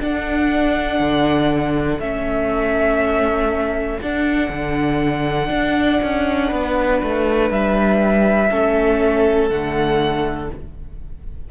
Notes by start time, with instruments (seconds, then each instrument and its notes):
0.00 viola D4, cello D4, violin A4 F#5
0.99 cello D3
1.99 cello A3, viola C#4, violin E5
4.01 cello D4, viola D4, violin F#5
4.49 cello D3
5.49 cello D4
6.03 cello C#4
6.48 cello B3, violin B4
7.02 cello A3
7.50 cello G3, violin E5
8.49 cello A3, viola C#4, violin A4
9.49 cello D3, viola A3, violin F#5